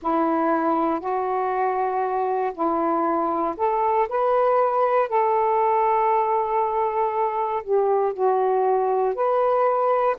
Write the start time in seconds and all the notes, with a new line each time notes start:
0.02 E4
0.99 F#4
2.53 E4
3.56 A4
4.08 B4
5.08 A4
7.63 G4
8.13 F#4
9.14 B4